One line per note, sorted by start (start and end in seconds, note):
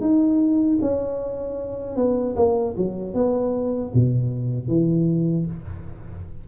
0.00 0.78 D#4
0.81 1.96 C#4
1.96 2.35 B3
2.36 2.74 A#3
2.77 3.14 F#3
3.14 3.92 B3
3.94 4.68 B2
4.68 5.45 E3